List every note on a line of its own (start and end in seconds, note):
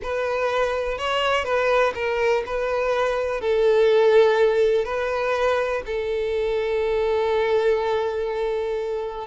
0.02 0.98 B4
0.98 1.44 C#5
1.44 1.93 B4
1.94 2.43 A#4
2.45 3.40 B4
3.40 4.84 A4
4.84 5.82 B4
5.85 9.27 A4